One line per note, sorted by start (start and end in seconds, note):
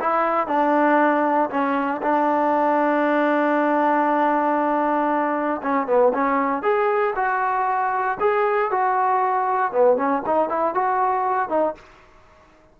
0.00 0.47 E4
0.47 1.50 D4
1.50 2.01 C#4
2.02 5.61 D4
5.62 5.86 C#4
5.86 6.12 B3
6.13 6.62 C#4
6.62 7.14 G#4
7.16 8.18 F#4
8.20 8.71 G#4
8.71 9.72 F#4
9.72 9.97 B3
9.97 10.22 C#4
10.26 10.49 D#4
10.49 10.74 E4
10.74 11.49 F#4
11.49 11.75 D#4